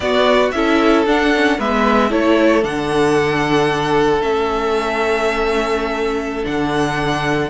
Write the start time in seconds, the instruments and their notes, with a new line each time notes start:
0.00 cello B3, viola B3, violin F#4 D5
0.51 cello C#4, viola E4, violin A4 E5
1.06 cello D4, viola D4, violin F#5
1.34 viola C#4
1.57 cello G#3, viola B3, violin B4 E5
2.09 cello A3, viola E4, violin A4 C#5
2.62 cello D3, viola D4, violin F#5
4.21 cello A3, viola C#4, violin E5
6.43 cello D3, viola D4, violin F#5